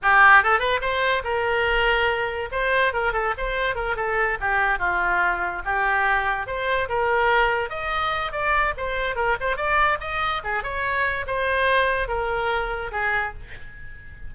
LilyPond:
\new Staff \with { instrumentName = "oboe" } { \time 4/4 \tempo 4 = 144 g'4 a'8 b'8 c''4 ais'4~ | ais'2 c''4 ais'8 a'8 | c''4 ais'8 a'4 g'4 f'8~ | f'4. g'2 c''8~ |
c''8 ais'2 dis''4. | d''4 c''4 ais'8 c''8 d''4 | dis''4 gis'8 cis''4. c''4~ | c''4 ais'2 gis'4 | }